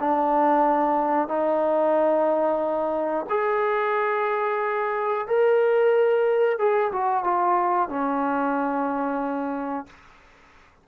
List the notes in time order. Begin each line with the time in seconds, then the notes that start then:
0.00 D4
1.28 D#4
3.30 G#4
5.27 A#4
6.59 G#4
6.92 F#4
7.24 F4
7.89 C#4